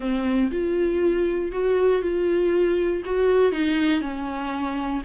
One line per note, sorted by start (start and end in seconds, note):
0.00 0.50 C4
0.51 1.51 F4
1.51 2.02 F#4
2.02 3.03 F4
3.05 3.52 F#4
3.52 4.01 D#4
4.01 5.02 C#4